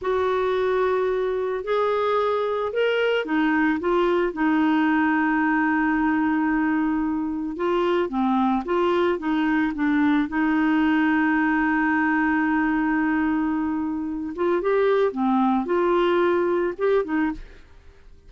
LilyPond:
\new Staff \with { instrumentName = "clarinet" } { \time 4/4 \tempo 4 = 111 fis'2. gis'4~ | gis'4 ais'4 dis'4 f'4 | dis'1~ | dis'2 f'4 c'4 |
f'4 dis'4 d'4 dis'4~ | dis'1~ | dis'2~ dis'8 f'8 g'4 | c'4 f'2 g'8 dis'8 | }